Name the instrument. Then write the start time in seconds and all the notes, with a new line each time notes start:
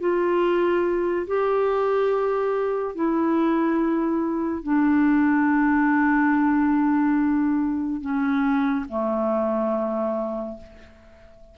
clarinet
0.00 F4
1.27 G4
2.95 E4
4.63 D4
8.01 C#4
8.88 A3